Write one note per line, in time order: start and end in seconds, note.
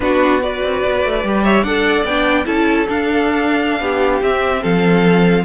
0.00 0.62 B3
0.00 0.41 D4
0.00 0.43 F#4
0.00 0.41 B4
0.41 1.23 F#4
0.41 1.43 B4
0.41 1.43 D5
0.63 0.83 C4
0.85 1.04 B3
1.04 1.23 A3
1.23 1.63 G3
1.23 1.65 G4
1.43 1.63 C#5
1.43 1.63 E5
1.63 2.04 D4
1.63 2.07 A4
1.63 2.45 D5
1.63 2.04 F#5
2.04 2.45 B3
2.04 2.45 D4
2.04 2.45 G5
2.45 2.87 C#4
2.45 2.86 E4
2.45 3.79 A4
2.45 2.86 A5
2.88 4.22 D4
2.88 3.80 D4
2.88 4.23 F5
3.80 4.21 B3
3.80 4.62 G4
4.21 4.62 C4
4.21 5.44 C4
4.21 4.63 E5
4.62 5.44 F3
4.62 5.44 A4
4.62 5.44 F5